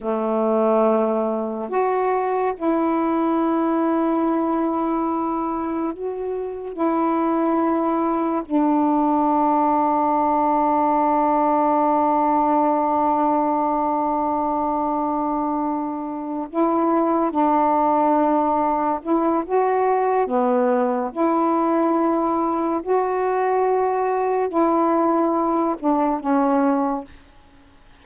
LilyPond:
\new Staff \with { instrumentName = "saxophone" } { \time 4/4 \tempo 4 = 71 a2 fis'4 e'4~ | e'2. fis'4 | e'2 d'2~ | d'1~ |
d'2.~ d'8 e'8~ | e'8 d'2 e'8 fis'4 | b4 e'2 fis'4~ | fis'4 e'4. d'8 cis'4 | }